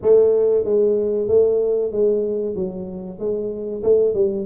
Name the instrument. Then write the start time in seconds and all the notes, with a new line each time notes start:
tuba
0.02 A3
0.64 G#3
1.28 A3
1.91 G#3
2.55 F#3
3.19 G#3
3.83 A3
4.14 G3